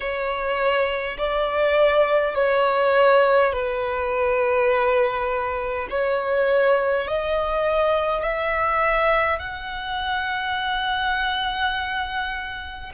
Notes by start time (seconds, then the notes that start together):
0.00 C#5
1.17 D5
2.35 C#5
3.52 B4
5.89 C#5
7.07 D#5
8.23 E5
9.39 F#5